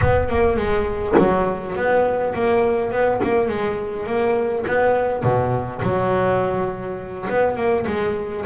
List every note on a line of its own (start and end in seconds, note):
0.01 0.28 B3
0.28 0.56 A#3
0.56 1.15 G#3
1.18 1.75 F#3
1.75 2.34 B3
2.34 2.91 A#3
2.91 3.20 B3
3.23 3.48 A#3
3.48 4.06 G#3
4.06 4.64 A#3
4.67 5.23 B3
5.23 5.81 B2
5.82 7.28 F#3
7.29 7.56 B3
7.56 7.85 A#3
7.86 8.45 G#3